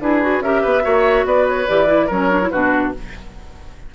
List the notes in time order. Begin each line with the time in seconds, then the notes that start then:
0.00 D4 E4 G#4 B4
0.22 F#4
0.40 C#4 G4 A#4 E5
0.62 B3 B4
0.82 A#3 F#4 C#5
1.25 B3 B4 D5
1.48 C#5
1.68 E3 G4 D5
1.87 E4
2.07 F#3 C#4 A#4 C#5
2.31 D4
2.42 E4
2.51 B2 D4 F#4 B4